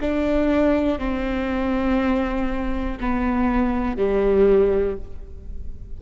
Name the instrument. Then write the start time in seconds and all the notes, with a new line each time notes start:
viola
0.00 D4
0.98 C4
3.00 B3
3.96 G3